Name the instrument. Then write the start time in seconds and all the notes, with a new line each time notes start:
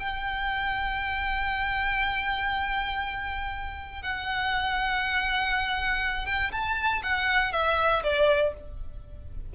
violin
0.00 G5
4.03 F#5
6.27 G5
6.52 A5
7.03 F#5
7.53 E5
8.04 D5